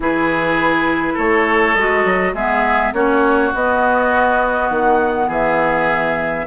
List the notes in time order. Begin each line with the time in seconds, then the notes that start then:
0.00 E3 E4 G#4 B4
1.14 A3 A4 C#5
1.75 G#3 F#4 D#5
2.04 F#3
2.33 G#3 B3 G#4 E5
2.92 A#3 C#4 F#4 C#5
3.54 B3 D#5
4.69 D#3 F#5
5.27 E3 G#4 E5